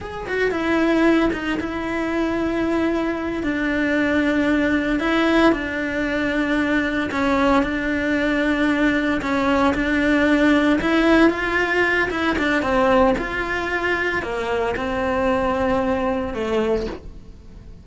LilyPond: \new Staff \with { instrumentName = "cello" } { \time 4/4 \tempo 4 = 114 gis'8 fis'8 e'4. dis'8 e'4~ | e'2~ e'8 d'4.~ | d'4. e'4 d'4.~ | d'4. cis'4 d'4.~ |
d'4. cis'4 d'4.~ | d'8 e'4 f'4. e'8 d'8 | c'4 f'2 ais4 | c'2. a4 | }